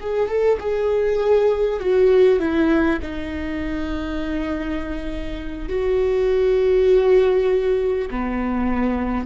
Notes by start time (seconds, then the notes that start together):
0.00 G#4
0.28 A4
0.59 G#4
1.79 F#4
2.39 E4
3.02 D#4
5.68 F#4
8.10 B3